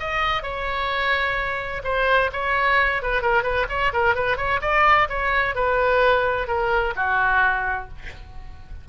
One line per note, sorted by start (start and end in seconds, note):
0.00 0.43 D#5
0.43 1.82 C#5
1.84 2.31 C5
2.33 3.02 C#5
3.02 3.22 B4
3.22 3.43 A#4
3.43 3.66 B4
3.69 3.93 C#5
3.93 4.15 A#4
4.15 4.37 B4
4.37 4.60 C#5
4.62 5.08 D5
5.09 5.55 C#5
5.55 6.47 B4
6.47 6.94 A#4
6.96 7.89 F#4